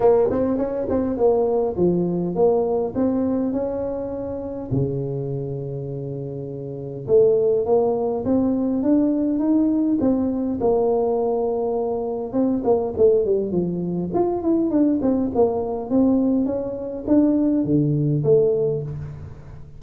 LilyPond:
\new Staff \with { instrumentName = "tuba" } { \time 4/4 \tempo 4 = 102 ais8 c'8 cis'8 c'8 ais4 f4 | ais4 c'4 cis'2 | cis1 | a4 ais4 c'4 d'4 |
dis'4 c'4 ais2~ | ais4 c'8 ais8 a8 g8 f4 | f'8 e'8 d'8 c'8 ais4 c'4 | cis'4 d'4 d4 a4 | }